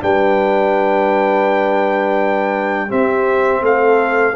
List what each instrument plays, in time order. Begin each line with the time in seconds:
0.00 tuba G3, trombone D4, horn B4, trumpet G5
2.88 trombone C4, tuba C4, horn G4, trumpet E5
3.62 tuba A3, horn A4, trumpet F5